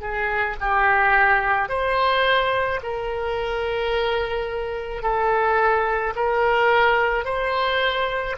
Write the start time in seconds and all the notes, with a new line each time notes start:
0.00 G#4
0.60 G4
1.69 C5
2.82 A#4
5.03 A4
6.15 A#4
7.25 C5